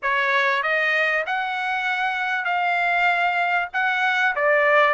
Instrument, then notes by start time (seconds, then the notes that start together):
trumpet
0.02 C#5
0.62 D#5
1.26 F#5
2.44 F5
3.73 F#5
4.35 D5